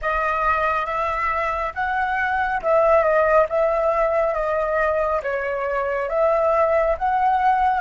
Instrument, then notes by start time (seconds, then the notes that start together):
flute
0.01 D#5
0.85 E5
1.74 F#5
2.61 E5
3.03 D#5
3.49 E5
4.34 D#5
5.22 C#5
6.09 E5
6.98 F#5